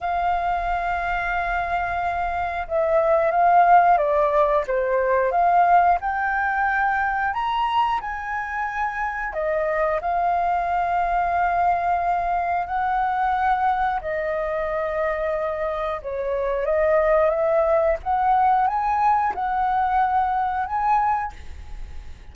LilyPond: \new Staff \with { instrumentName = "flute" } { \time 4/4 \tempo 4 = 90 f''1 | e''4 f''4 d''4 c''4 | f''4 g''2 ais''4 | gis''2 dis''4 f''4~ |
f''2. fis''4~ | fis''4 dis''2. | cis''4 dis''4 e''4 fis''4 | gis''4 fis''2 gis''4 | }